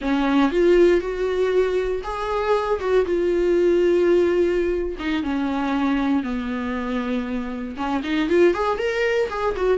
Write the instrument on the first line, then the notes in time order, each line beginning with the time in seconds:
viola
0.01 C#4
0.51 F4
1.00 F#4
2.03 G#4
2.79 F#4
3.05 F4
4.99 D#4
5.23 C#4
6.23 B3
7.76 C#4
8.03 D#4
8.29 F4
8.54 G#4
8.78 A#4
9.29 G#4
9.56 F#4